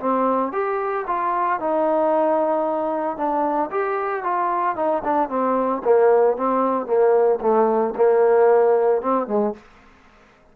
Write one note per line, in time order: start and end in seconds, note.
0.00 0.53 C4
0.53 1.06 G4
1.07 1.60 F4
1.60 3.17 D#4
3.17 3.70 D4
3.71 4.24 G4
4.24 4.76 F4
4.76 5.03 D#4
5.04 5.30 D4
5.30 5.83 C4
5.85 6.37 A#3
6.37 6.87 C4
6.87 7.40 A#3
7.42 7.95 A3
7.96 9.02 A#3
9.02 9.28 C4
9.28 9.54 G#3